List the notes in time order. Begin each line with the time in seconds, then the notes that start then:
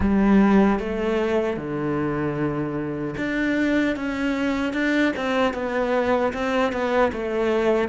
0.00 G3
0.79 A3
1.56 D3
3.17 D4
3.96 C#4
4.73 D4
5.16 C4
5.53 B3
6.33 C4
6.72 B3
7.12 A3